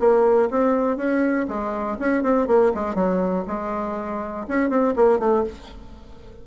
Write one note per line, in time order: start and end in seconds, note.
0.00 0.50 A#3
0.51 0.97 C4
0.97 1.47 C#4
1.49 1.98 G#3
2.00 2.23 C#4
2.23 2.48 C4
2.48 2.73 A#3
2.75 2.95 G#3
2.95 3.45 F#3
3.48 4.47 G#3
4.49 4.70 C#4
4.70 4.95 C4
4.97 5.20 A#3
5.20 5.45 A3